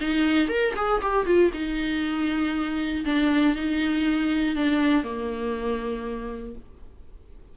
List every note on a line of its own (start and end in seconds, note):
0.00 0.48 D#4
0.48 0.73 A#4
0.75 1.01 G#4
1.01 1.26 G4
1.26 1.51 F4
1.53 3.04 D#4
3.05 3.55 D4
3.55 4.55 D#4
4.55 5.03 D4
5.03 6.55 A#3